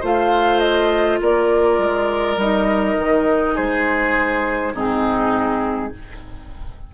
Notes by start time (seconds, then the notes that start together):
0.00 A3 F4 C5 F5
0.59 D#5
1.21 A#3 A#4 D5
1.78 G#3
2.37 G3 D#4 D#5
2.98 D#3
3.54 G#3 G#4 C5
4.74 G#2 C4 D#4 G#4